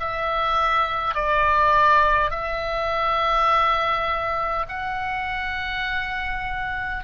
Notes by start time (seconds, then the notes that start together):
0.00 E5
1.14 D5
2.30 E5
4.68 F#5